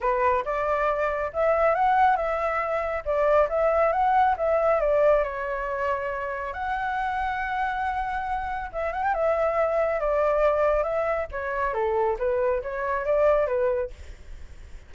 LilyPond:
\new Staff \with { instrumentName = "flute" } { \time 4/4 \tempo 4 = 138 b'4 d''2 e''4 | fis''4 e''2 d''4 | e''4 fis''4 e''4 d''4 | cis''2. fis''4~ |
fis''1 | e''8 fis''16 g''16 e''2 d''4~ | d''4 e''4 cis''4 a'4 | b'4 cis''4 d''4 b'4 | }